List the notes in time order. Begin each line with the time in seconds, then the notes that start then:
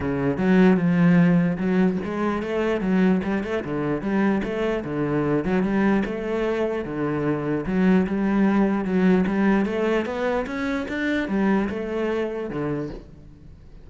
0.00 C#3
0.37 F#3
0.76 F3
1.57 F#3
2.04 G#3
2.42 A3
2.80 F#3
3.23 G3
3.43 A3
3.64 D3
4.01 G3
4.43 A3
4.84 D3
5.44 F#3
5.62 G3
6.05 A3
6.84 D3
7.66 F#3
8.06 G3
8.84 F#3
9.26 G3
9.65 A3
10.05 B3
10.46 C#4
10.88 D4
11.28 G3
11.69 A3
12.49 D3